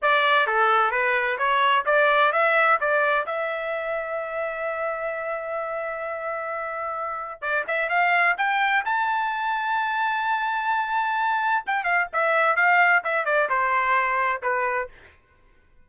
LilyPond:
\new Staff \with { instrumentName = "trumpet" } { \time 4/4 \tempo 4 = 129 d''4 a'4 b'4 cis''4 | d''4 e''4 d''4 e''4~ | e''1~ | e''1 |
d''8 e''8 f''4 g''4 a''4~ | a''1~ | a''4 g''8 f''8 e''4 f''4 | e''8 d''8 c''2 b'4 | }